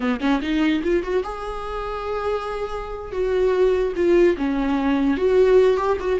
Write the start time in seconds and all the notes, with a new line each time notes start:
0.00 B3
0.20 C#4
0.41 D#4
0.83 F4
1.03 F#4
1.23 G#4
3.12 F#4
3.95 F4
4.37 C#4
5.17 F#4
5.77 G4
6.00 F#4